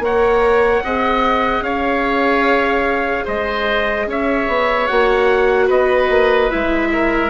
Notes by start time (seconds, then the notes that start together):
0.00 A#3 A#4 C#5 F#5
0.84 C4 G#4 D#5
1.61 C#4 C#5 F5
3.25 G#3 C5 D#5
4.07 C#4 C#5 E5
4.48 B3
4.87 A#3 F#4 F#5
5.67 B3 B4 D#5
6.10 A#3
6.51 G#3 E4 E5
6.93 A#4